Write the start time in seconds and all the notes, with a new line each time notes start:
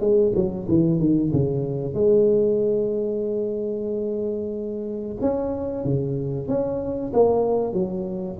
0.00 G#3
0.35 F#3
0.68 E3
0.99 D#3
1.32 C#3
1.94 G#3
5.21 C#4
5.84 C#3
6.48 C#4
7.13 A#3
7.73 F#3